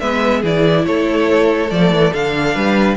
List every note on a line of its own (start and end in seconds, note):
0.00 0.44 G#3
0.00 0.44 B3
0.00 0.41 B4
0.00 0.43 E5
0.41 0.86 E3
0.41 1.69 E4
0.41 0.83 G#4
0.41 0.86 D5
0.86 1.72 A3
0.86 2.55 A4
0.86 1.71 C#5
1.69 1.91 F3
1.69 2.12 A3
1.69 2.13 D5
1.91 2.13 E3
2.13 2.56 D3
2.13 2.97 D4
2.13 2.97 F5
2.55 2.97 G3
2.55 2.97 B4